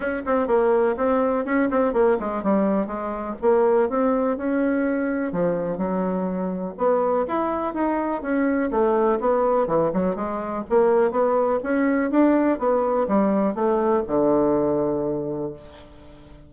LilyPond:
\new Staff \with { instrumentName = "bassoon" } { \time 4/4 \tempo 4 = 124 cis'8 c'8 ais4 c'4 cis'8 c'8 | ais8 gis8 g4 gis4 ais4 | c'4 cis'2 f4 | fis2 b4 e'4 |
dis'4 cis'4 a4 b4 | e8 fis8 gis4 ais4 b4 | cis'4 d'4 b4 g4 | a4 d2. | }